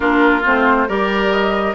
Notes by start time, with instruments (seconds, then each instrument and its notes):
0.00 bassoon A#3, clarinet D4, oboe F4, flute A#4
0.44 bassoon A3, clarinet C4, flute C5
0.88 bassoon G3, clarinet G4, oboe A#4, flute D5
1.31 flute D#5